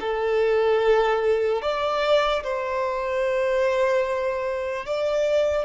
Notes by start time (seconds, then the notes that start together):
0.00 A4
1.62 D5
2.43 C5
4.85 D5